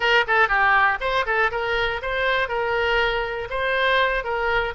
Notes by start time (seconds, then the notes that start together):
0.00 A#4
0.27 A4
0.48 G4
1.00 C5
1.25 A4
1.51 A#4
2.01 C5
2.48 A#4
3.50 C5
4.24 A#4